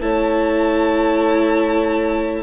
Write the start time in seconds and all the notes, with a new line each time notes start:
0.00 A3 E4 C#5 A5